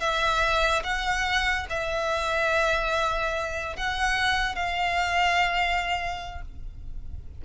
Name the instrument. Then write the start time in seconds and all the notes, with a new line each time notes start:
violin
0.00 E5
0.83 F#5
1.69 E5
3.76 F#5
4.55 F5